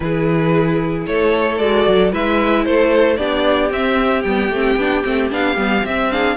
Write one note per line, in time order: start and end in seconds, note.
0.00 1.06 E3
0.00 1.59 E4
0.00 1.08 G#4
0.00 1.03 B4
1.06 1.60 A3
1.06 2.12 A4
1.06 1.57 C#5
1.57 1.86 G#3
1.57 2.12 F#4
1.57 2.11 D5
1.87 2.12 F#3
2.12 2.65 G#3
2.12 3.18 E4
2.12 2.65 B4
2.12 2.64 E5
2.64 3.18 A3
2.64 3.18 A4
2.64 3.16 C5
3.16 3.70 B3
3.16 3.71 D4
3.16 6.10 G4
3.16 3.69 D5
3.70 4.23 C4
3.70 4.24 C4
3.70 4.22 E5
4.22 4.49 G3
4.22 4.53 B3
4.22 5.28 G5
4.49 4.76 A3
4.49 4.78 C4
4.76 5.02 B3
4.76 5.03 D4
5.03 5.31 A3
5.03 5.30 C4
5.30 5.56 B3
5.30 5.56 D4
5.30 5.86 F5
5.56 5.82 G3
5.56 5.84 B3
5.84 6.37 C4
5.84 6.11 C4
5.84 6.11 E5
6.11 6.37 D4
6.11 6.37 G#4
6.11 6.37 F5